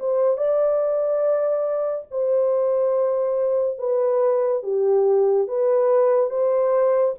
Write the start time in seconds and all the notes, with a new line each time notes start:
0.00 C5
0.37 D5
2.11 C5
3.78 B4
4.63 G4
5.48 B4
6.30 C5